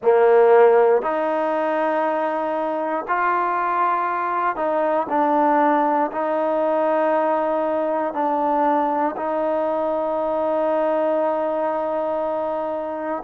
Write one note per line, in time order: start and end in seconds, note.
0.02 1.02 A#3
1.02 3.05 D#4
3.07 4.56 F4
4.56 5.07 D#4
5.09 6.11 D4
6.11 8.13 D#4
8.13 9.15 D4
9.16 13.22 D#4